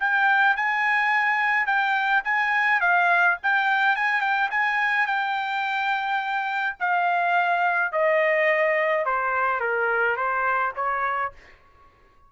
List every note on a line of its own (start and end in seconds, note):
0.00 0.56 G5
0.56 1.66 G#5
1.66 2.23 G5
2.25 2.81 G#5
2.81 3.38 F5
3.43 3.96 G5
3.96 4.21 G#5
4.21 4.50 G5
4.51 5.07 G#5
5.07 6.77 G5
6.80 7.92 F5
7.92 9.06 D#5
9.06 9.60 C5
9.60 10.17 A#4
10.17 10.73 C5
10.76 11.33 C#5